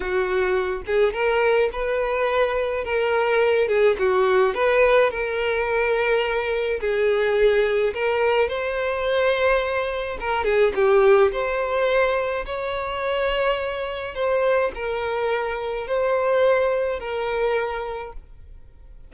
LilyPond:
\new Staff \with { instrumentName = "violin" } { \time 4/4 \tempo 4 = 106 fis'4. gis'8 ais'4 b'4~ | b'4 ais'4. gis'8 fis'4 | b'4 ais'2. | gis'2 ais'4 c''4~ |
c''2 ais'8 gis'8 g'4 | c''2 cis''2~ | cis''4 c''4 ais'2 | c''2 ais'2 | }